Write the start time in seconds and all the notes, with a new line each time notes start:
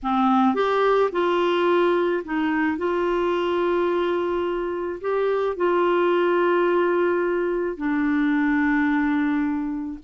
0.02 C4
0.54 G4
1.12 F4
2.24 D#4
2.77 F4
5.01 G4
5.56 F4
7.76 D4